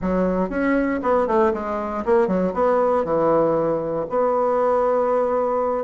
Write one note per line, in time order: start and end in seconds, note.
0.01 0.49 F#3
0.49 1.00 C#4
1.02 1.27 B3
1.27 1.52 A3
1.53 2.04 G#3
2.05 2.27 A#3
2.27 2.53 F#3
2.53 3.04 B3
3.04 4.06 E3
4.09 5.84 B3